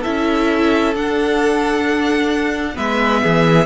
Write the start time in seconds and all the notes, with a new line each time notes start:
0.00 C#4 E4 A4 E5
0.95 D4 F#5
2.74 G#3 B3 B4 E5
3.22 E3 G#4